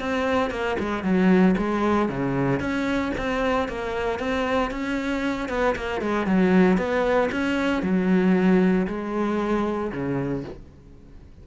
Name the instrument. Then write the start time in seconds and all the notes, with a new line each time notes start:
cello
0.00 C4
0.51 A#3
0.79 G#3
1.03 F#3
1.57 G#3
2.09 C#3
2.60 C#4
3.18 C4
3.69 A#3
4.19 C4
4.71 C#4
5.49 B3
5.76 A#3
6.01 G#3
6.26 F#3
6.78 B3
7.31 C#4
7.82 F#3
8.87 G#3
9.92 C#3